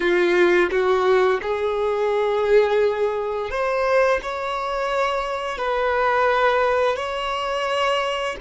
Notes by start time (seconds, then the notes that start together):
0.00 F4
0.70 F#4
1.41 G#4
3.50 C5
4.22 C#5
5.58 B4
6.96 C#5